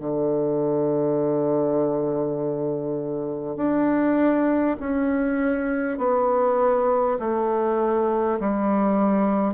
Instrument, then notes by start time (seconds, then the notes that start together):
bassoon
0.00 D3
3.57 D4
4.81 C#4
5.98 B3
7.20 A3
8.41 G3